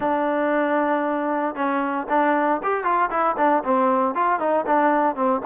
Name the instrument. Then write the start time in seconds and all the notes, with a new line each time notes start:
trombone
0.00 D4
1.55 C#4
2.09 D4
2.63 G4
2.84 F4
3.10 E4
3.37 D4
3.63 C4
4.14 F4
4.39 D#4
4.66 D4
5.15 C4